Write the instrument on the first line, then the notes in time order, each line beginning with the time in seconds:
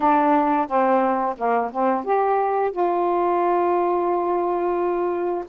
saxophone
0.00 D4
0.67 C4
1.37 A#3
1.71 C4
2.04 G4
2.71 F4